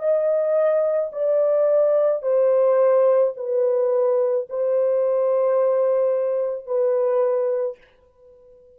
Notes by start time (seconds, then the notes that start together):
0.00 D#5
1.13 D5
2.23 C5
3.37 B4
4.50 C5
6.67 B4